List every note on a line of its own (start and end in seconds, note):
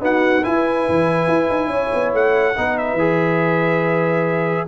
0.00 0.42 B3
0.00 0.43 D#4
0.00 0.44 F#4
0.00 0.44 F#5
0.43 2.55 E4
0.43 0.88 E4
0.43 1.70 B4
0.43 2.13 G#5
0.89 1.27 E3
1.27 1.49 E4
1.49 1.67 D#4
1.67 1.88 C#4
1.67 2.54 C#5
1.93 2.13 B3
2.13 2.56 A3
2.13 2.78 F#5
2.56 2.93 B3
2.56 2.98 D#4
2.56 4.68 B4
2.78 4.68 E5
2.93 4.62 E3
2.93 4.67 G#4